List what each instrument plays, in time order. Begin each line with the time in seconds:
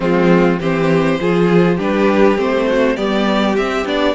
0.00 cello F3, viola G#3, violin C4 F4
0.59 cello E3, viola C4, violin G4 C5
1.20 cello F3, viola F4, violin G#4
1.76 cello G3, viola D4, violin G4 B4
2.37 cello A3, viola C4, violin C5
2.67 violin F#4
2.96 cello G3, viola B3, violin G4 D5
3.56 cello C4, viola C4, violin E5
3.85 cello B3, viola D4, violin D5